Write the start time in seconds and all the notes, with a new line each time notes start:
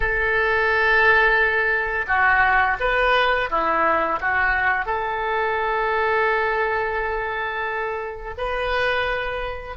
0.00 A4
2.07 F#4
2.79 B4
3.49 E4
4.20 F#4
4.85 A4
8.37 B4